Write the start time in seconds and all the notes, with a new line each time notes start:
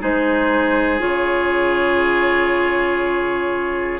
0.00 G#3 D#4 G#4 C5
0.99 C#3 F4 C#5